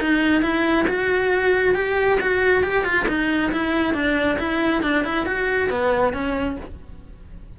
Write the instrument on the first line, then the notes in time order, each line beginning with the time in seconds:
cello
0.00 D#4
0.42 E4
0.88 F#4
1.75 G4
2.20 F#4
2.63 G4
2.84 F4
3.08 D#4
3.52 E4
3.94 D4
4.39 E4
4.83 D4
5.05 E4
5.26 F#4
5.70 B3
6.13 C#4